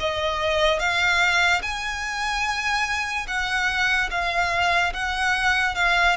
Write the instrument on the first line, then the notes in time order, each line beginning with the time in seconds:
violin
0.00 D#5
0.79 F5
1.62 G#5
3.27 F#5
4.11 F5
4.94 F#5
5.75 F5